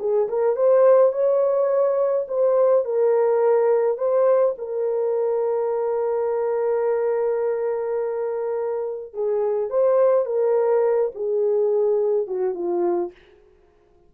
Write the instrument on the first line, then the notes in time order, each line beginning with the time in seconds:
horn
0.00 G#4
0.29 A#4
0.57 C5
1.13 C#5
2.29 C5
2.85 A#4
3.98 C5
4.58 A#4
9.14 G#4
9.70 C5
10.26 A#4
11.15 G#4
12.28 F#4
12.55 F4